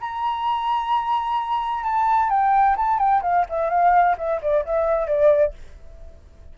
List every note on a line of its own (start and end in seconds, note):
0.00 1.83 A#5
1.83 2.29 A5
2.29 2.76 G5
2.76 2.98 A5
2.98 3.21 G5
3.22 3.45 F5
3.49 3.69 E5
3.69 4.16 F5
4.17 4.40 E5
4.41 4.64 D5
4.65 5.07 E5
5.07 5.53 D5